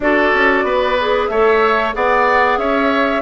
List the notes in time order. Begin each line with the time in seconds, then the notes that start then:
0.00 D4 F#4 A4 D5
0.33 C#4
0.63 B3 B4
1.00 G#4
1.27 A3 A4 C#5 E5
1.93 B3 G#4 D5 F#5
2.57 C#4 C#5 E5